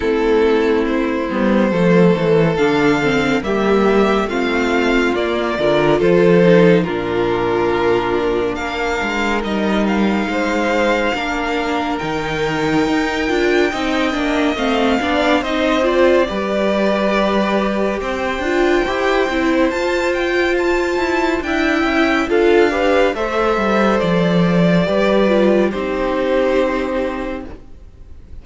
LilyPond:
<<
  \new Staff \with { instrumentName = "violin" } { \time 4/4 \tempo 4 = 70 a'4 c''2 f''4 | e''4 f''4 d''4 c''4 | ais'2 f''4 dis''8 f''8~ | f''2 g''2~ |
g''4 f''4 dis''8 d''4.~ | d''4 g''2 a''8 g''8 | a''4 g''4 f''4 e''4 | d''2 c''2 | }
  \new Staff \with { instrumentName = "violin" } { \time 4/4 e'2 a'2 | g'4 f'4. ais'8 a'4 | f'2 ais'2 | c''4 ais'2. |
dis''4. d''8 c''4 b'4~ | b'4 c''2.~ | c''4 e''4 a'8 b'8 c''4~ | c''4 b'4 g'2 | }
  \new Staff \with { instrumentName = "viola" } { \time 4/4 c'4. b8 a4 d'8 c'8 | ais4 c'4 ais8 f'4 dis'8 | d'2. dis'4~ | dis'4 d'4 dis'4. f'8 |
dis'8 d'8 c'8 d'8 dis'8 f'8 g'4~ | g'4. f'8 g'8 e'8 f'4~ | f'4 e'4 f'8 g'8 a'4~ | a'4 g'8 f'8 dis'2 | }
  \new Staff \with { instrumentName = "cello" } { \time 4/4 a4. g8 f8 e8 d4 | g4 a4 ais8 d8 f4 | ais,2 ais8 gis8 g4 | gis4 ais4 dis4 dis'8 d'8 |
c'8 ais8 a8 b8 c'4 g4~ | g4 c'8 d'8 e'8 c'8 f'4~ | f'8 e'8 d'8 cis'8 d'4 a8 g8 | f4 g4 c'2 | }
>>